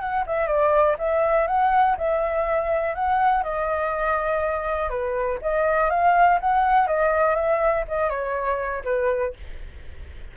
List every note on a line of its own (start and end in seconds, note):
0.00 0.25 F#5
0.26 0.47 E5
0.47 0.97 D5
0.98 1.47 E5
1.47 1.96 F#5
1.97 2.95 E5
2.95 3.43 F#5
3.43 4.90 D#5
4.90 5.39 B4
5.41 5.90 D#5
5.90 6.39 F5
6.40 6.87 F#5
6.87 7.35 D#5
7.35 7.84 E5
7.88 8.10 D#5
8.10 8.83 C#5
8.85 9.34 B4